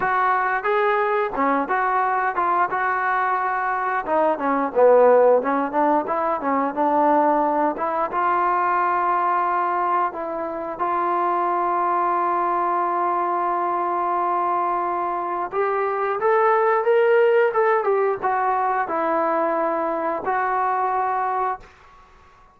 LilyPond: \new Staff \with { instrumentName = "trombone" } { \time 4/4 \tempo 4 = 89 fis'4 gis'4 cis'8 fis'4 f'8 | fis'2 dis'8 cis'8 b4 | cis'8 d'8 e'8 cis'8 d'4. e'8 | f'2. e'4 |
f'1~ | f'2. g'4 | a'4 ais'4 a'8 g'8 fis'4 | e'2 fis'2 | }